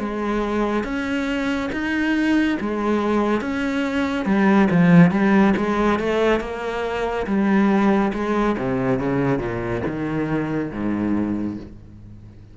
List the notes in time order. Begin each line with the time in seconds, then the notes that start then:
0.00 G#3
0.85 C#4
1.73 D#4
2.61 G#3
3.42 C#4
4.26 G3
4.71 F3
5.12 G3
5.57 G#3
6.00 A3
6.41 A#3
7.27 G3
8.14 G#3
8.59 C3
9.00 C#3
9.39 A#2
9.87 D#3
10.72 G#2